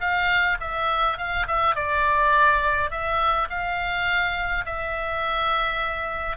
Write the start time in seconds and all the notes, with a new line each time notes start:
0.00 F5
0.60 E5
1.17 F5
1.47 E5
1.75 D5
2.90 E5
3.50 F5
4.65 E5